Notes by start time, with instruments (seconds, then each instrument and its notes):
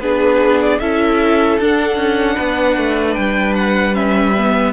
0.00 cello B3, viola D4, violin G#4 B4
0.61 violin D5
0.79 cello C#4, viola E4, violin A4 E5
1.60 cello D4, viola D4, violin F#5
1.97 cello C#4
2.35 cello B3, violin B4
2.77 cello A3
3.14 cello G3, violin G5
3.56 violin F#5
3.94 viola C#4, violin E5
4.38 viola B3